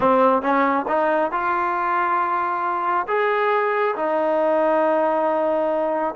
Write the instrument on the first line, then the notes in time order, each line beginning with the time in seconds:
trombone
0.00 C4
0.41 C#4
0.88 D#4
1.31 F4
3.07 G#4
3.96 D#4